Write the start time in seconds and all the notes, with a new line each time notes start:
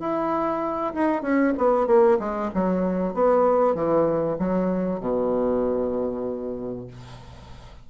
0.00 E4
0.94 D#4
1.22 C#4
1.58 B3
1.87 A#3
2.20 G#3
2.55 F#3
3.14 B3
3.75 E3
4.39 F#3
5.00 B2